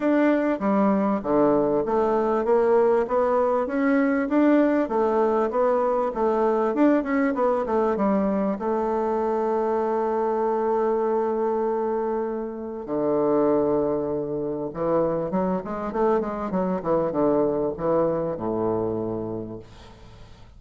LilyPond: \new Staff \with { instrumentName = "bassoon" } { \time 4/4 \tempo 4 = 98 d'4 g4 d4 a4 | ais4 b4 cis'4 d'4 | a4 b4 a4 d'8 cis'8 | b8 a8 g4 a2~ |
a1~ | a4 d2. | e4 fis8 gis8 a8 gis8 fis8 e8 | d4 e4 a,2 | }